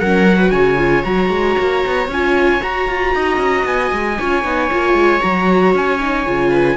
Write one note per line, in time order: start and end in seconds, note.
0.00 0.52 F#3
0.00 0.27 C#4
0.00 0.38 A#4
0.00 0.51 F#5
0.27 0.78 F#4
0.38 0.51 B4
0.51 1.04 C#3
0.51 3.13 C#5
0.51 1.03 G#5
0.78 1.04 F4
1.04 1.30 F#3
1.04 2.08 F#4
1.04 2.09 A#5
1.30 1.56 G#3
1.59 1.85 A#3
1.87 2.08 B3
2.08 2.60 C#4
2.08 2.61 F4
2.08 2.63 G#5
2.61 4.18 F#4
2.61 2.89 F#4
2.61 3.66 A#5
2.89 3.15 F4
3.15 3.37 D#4
3.15 4.19 D#5
3.37 3.63 C#4
3.66 3.92 B3
3.66 5.22 G#5
3.93 4.19 G#3
4.19 4.45 C#4
4.19 4.45 F4
4.19 6.51 C#5
4.45 4.71 B3
4.45 4.71 D#4
4.71 4.94 A#3
4.71 5.21 F4
4.94 5.20 G#3
5.21 5.74 F#3
5.21 5.99 F#4
5.21 5.74 A#5
5.74 6.27 C#4
5.74 6.77 G#5
6.01 6.26 D#4
6.26 6.77 C#3
6.26 6.77 F4
6.51 6.77 B4